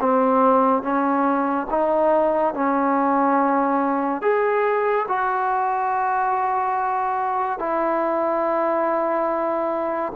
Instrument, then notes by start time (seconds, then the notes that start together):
trombone
0.00 C4
0.82 C#4
1.70 D#4
2.54 C#4
4.21 G#4
5.08 F#4
7.59 E4